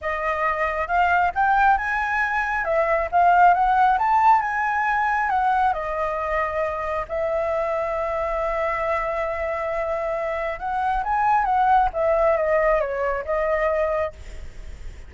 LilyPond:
\new Staff \with { instrumentName = "flute" } { \time 4/4 \tempo 4 = 136 dis''2 f''4 g''4 | gis''2 e''4 f''4 | fis''4 a''4 gis''2 | fis''4 dis''2. |
e''1~ | e''1 | fis''4 gis''4 fis''4 e''4 | dis''4 cis''4 dis''2 | }